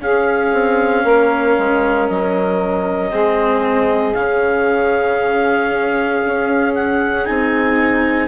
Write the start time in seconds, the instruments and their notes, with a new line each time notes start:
0.00 bassoon C#4, cello C#4, saxophone G#4, clarinet F5
0.53 bassoon C4
1.04 bassoon A#3, saxophone A#4
1.58 bassoon G#3
2.08 bassoon F#3, clarinet D#5
3.11 bassoon G#3, cello C4, saxophone G#4
4.14 bassoon C#3, cello C#4, clarinet F5
6.25 bassoon C#4
6.75 clarinet F#5
7.25 bassoon C4, cello D#4, clarinet G#5